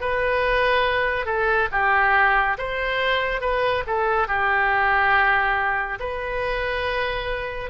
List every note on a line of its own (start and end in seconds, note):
0.00 1.25 B4
1.25 1.68 A4
1.71 2.57 G4
2.58 3.41 C5
3.41 3.83 B4
3.86 4.27 A4
4.27 5.98 G4
5.99 7.70 B4